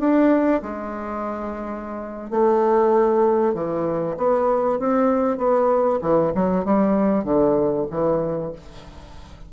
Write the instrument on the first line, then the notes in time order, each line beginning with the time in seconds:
bassoon
0.00 D4
0.62 G#3
2.31 A3
3.55 E3
4.18 B3
4.80 C4
5.38 B3
6.02 E3
6.35 F#3
6.66 G3
7.25 D3
7.91 E3